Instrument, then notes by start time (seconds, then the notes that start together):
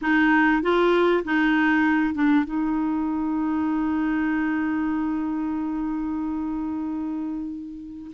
clarinet
0.01 D#4
0.62 F4
1.24 D#4
2.14 D4
2.44 D#4